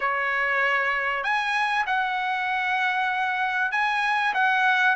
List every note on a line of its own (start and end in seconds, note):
0.00 1.23 C#5
1.23 1.85 G#5
1.86 3.71 F#5
3.71 4.33 G#5
4.34 4.95 F#5